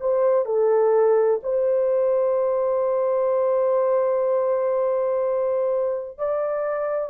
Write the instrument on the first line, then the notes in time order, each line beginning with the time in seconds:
horn
0.00 C5
0.45 A4
1.43 C5
6.18 D5